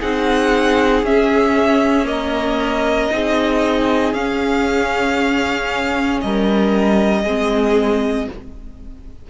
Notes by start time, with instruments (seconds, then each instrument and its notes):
0.00 cello C4, viola D#4, violin G#4 F#5
1.03 cello C#4, viola C#4, violin E5
2.05 viola A#3, violin D#5
2.11 violin A#4
3.11 cello C4, viola D#4, violin G#4
4.14 cello C#4, viola C#4, violin F5
6.21 cello G3, violin A#4 D#5
7.23 cello G#3, viola C4, violin G#4